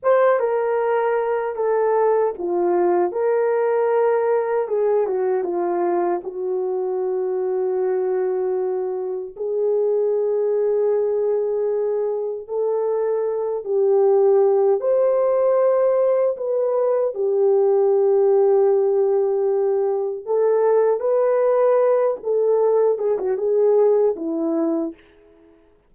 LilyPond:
\new Staff \with { instrumentName = "horn" } { \time 4/4 \tempo 4 = 77 c''8 ais'4. a'4 f'4 | ais'2 gis'8 fis'8 f'4 | fis'1 | gis'1 |
a'4. g'4. c''4~ | c''4 b'4 g'2~ | g'2 a'4 b'4~ | b'8 a'4 gis'16 fis'16 gis'4 e'4 | }